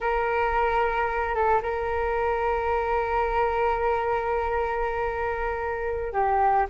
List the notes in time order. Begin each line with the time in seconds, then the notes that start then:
0.00 A#4
1.34 A4
1.62 A#4
6.12 G4